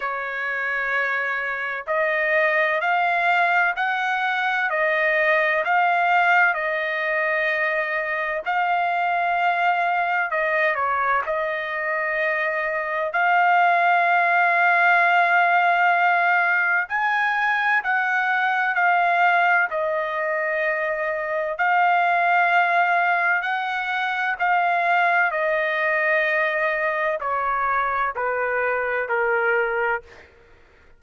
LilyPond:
\new Staff \with { instrumentName = "trumpet" } { \time 4/4 \tempo 4 = 64 cis''2 dis''4 f''4 | fis''4 dis''4 f''4 dis''4~ | dis''4 f''2 dis''8 cis''8 | dis''2 f''2~ |
f''2 gis''4 fis''4 | f''4 dis''2 f''4~ | f''4 fis''4 f''4 dis''4~ | dis''4 cis''4 b'4 ais'4 | }